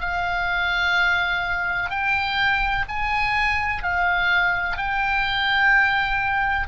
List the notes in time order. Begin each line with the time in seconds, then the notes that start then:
0.00 F5
1.90 G5
2.89 G#5
3.83 F5
4.77 G5